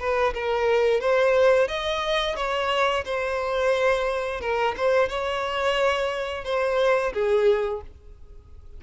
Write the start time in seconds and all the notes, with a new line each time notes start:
0.00 B4
0.34 A#4
1.01 C5
1.68 D#5
2.36 C#5
3.05 C5
4.41 A#4
4.77 C5
5.09 C#5
6.45 C5
7.13 G#4